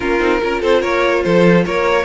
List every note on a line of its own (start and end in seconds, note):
0.00 0.19 A#3
0.00 0.20 C#4
0.00 0.41 F4
0.00 0.62 A#4
0.19 0.40 C4
0.19 0.40 D#4
0.40 0.62 C#4
0.40 2.04 F4
0.40 0.60 A#4
0.60 0.82 C4
0.60 0.80 A4
0.60 0.82 C5
0.80 1.24 A#3
0.80 1.22 A#4
0.80 1.23 C#5
1.23 1.66 F3
1.23 1.65 A4
1.23 1.64 C5
1.65 2.04 A#3
1.65 2.04 A#4
1.65 2.04 C#5